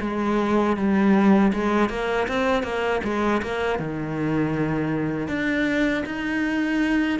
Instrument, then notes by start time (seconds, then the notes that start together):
cello
0.00 G#3
0.76 G3
1.53 G#3
1.89 A#3
2.27 C4
2.63 A#3
3.03 G#3
3.42 A#3
3.78 D#3
5.28 D4
6.06 D#4